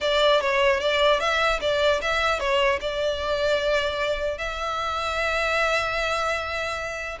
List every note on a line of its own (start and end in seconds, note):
0.00 0.40 D5
0.41 0.79 C#5
0.79 1.19 D5
1.20 1.60 E5
1.60 2.00 D5
2.01 2.39 E5
2.39 2.79 C#5
2.81 4.37 D5
4.37 7.17 E5